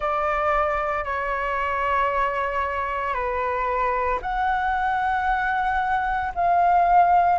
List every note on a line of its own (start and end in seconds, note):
0.00 1.04 D5
1.04 3.13 C#5
3.13 4.19 B4
4.22 6.32 F#5
6.34 7.38 F5